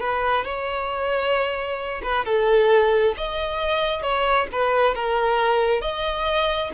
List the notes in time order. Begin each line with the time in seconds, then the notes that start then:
0.00 B4
0.45 C#5
2.03 B4
2.25 A4
3.17 D#5
4.03 C#5
4.52 B4
4.95 A#4
5.81 D#5